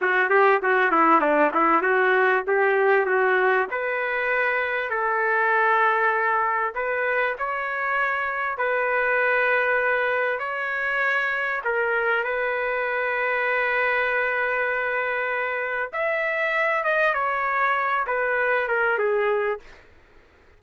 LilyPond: \new Staff \with { instrumentName = "trumpet" } { \time 4/4 \tempo 4 = 98 fis'8 g'8 fis'8 e'8 d'8 e'8 fis'4 | g'4 fis'4 b'2 | a'2. b'4 | cis''2 b'2~ |
b'4 cis''2 ais'4 | b'1~ | b'2 e''4. dis''8 | cis''4. b'4 ais'8 gis'4 | }